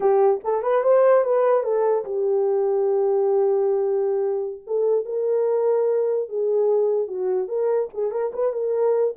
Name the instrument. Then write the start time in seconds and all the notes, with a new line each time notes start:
horn
0.00 G4
0.44 A4
0.62 B4
0.83 C5
1.24 B4
1.63 A4
2.05 G4
4.66 A4
5.05 A#4
6.28 G#4
7.07 F#4
7.48 A#4
7.93 G#4
8.11 A#4
8.33 B4
8.53 A#4